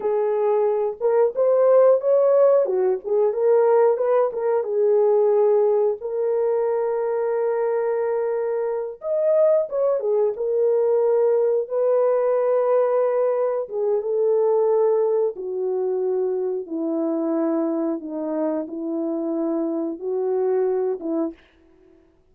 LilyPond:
\new Staff \with { instrumentName = "horn" } { \time 4/4 \tempo 4 = 90 gis'4. ais'8 c''4 cis''4 | fis'8 gis'8 ais'4 b'8 ais'8 gis'4~ | gis'4 ais'2.~ | ais'4. dis''4 cis''8 gis'8 ais'8~ |
ais'4. b'2~ b'8~ | b'8 gis'8 a'2 fis'4~ | fis'4 e'2 dis'4 | e'2 fis'4. e'8 | }